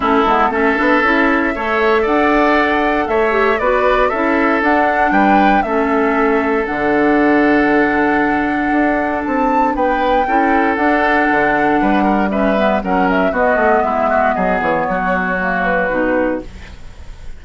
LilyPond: <<
  \new Staff \with { instrumentName = "flute" } { \time 4/4 \tempo 4 = 117 a'4 e''2. | fis''2 e''4 d''4 | e''4 fis''4 g''4 e''4~ | e''4 fis''2.~ |
fis''2 a''4 g''4~ | g''4 fis''2. | e''4 fis''8 e''8 dis''4 e''4 | dis''8 cis''2 b'4. | }
  \new Staff \with { instrumentName = "oboe" } { \time 4/4 e'4 a'2 cis''4 | d''2 cis''4 b'4 | a'2 b'4 a'4~ | a'1~ |
a'2. b'4 | a'2. b'8 ais'8 | b'4 ais'4 fis'4 e'8 fis'8 | gis'4 fis'2. | }
  \new Staff \with { instrumentName = "clarinet" } { \time 4/4 cis'8 b8 cis'8 d'8 e'4 a'4~ | a'2~ a'8 g'8 fis'4 | e'4 d'2 cis'4~ | cis'4 d'2.~ |
d'1 | e'4 d'2. | cis'8 b8 cis'4 b2~ | b2 ais4 dis'4 | }
  \new Staff \with { instrumentName = "bassoon" } { \time 4/4 a8 gis8 a8 b8 cis'4 a4 | d'2 a4 b4 | cis'4 d'4 g4 a4~ | a4 d2.~ |
d4 d'4 c'4 b4 | cis'4 d'4 d4 g4~ | g4 fis4 b8 a8 gis4 | fis8 e8 fis2 b,4 | }
>>